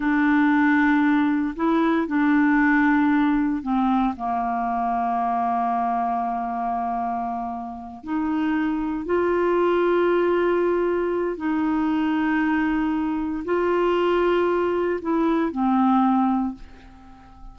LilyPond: \new Staff \with { instrumentName = "clarinet" } { \time 4/4 \tempo 4 = 116 d'2. e'4 | d'2. c'4 | ais1~ | ais2.~ ais8 dis'8~ |
dis'4. f'2~ f'8~ | f'2 dis'2~ | dis'2 f'2~ | f'4 e'4 c'2 | }